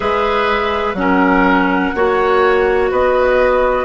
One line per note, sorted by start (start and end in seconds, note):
0.00 0.93 G#3
0.00 0.94 G#4
0.00 0.96 B4
0.00 0.94 E5
0.93 1.90 F#3
0.93 1.94 C#4
0.93 2.88 F#5
1.00 1.95 A#4
1.95 2.91 A#3
1.95 3.85 F#4
1.95 2.91 C#5
2.91 3.85 B3
2.91 3.85 B4
2.91 3.85 D#5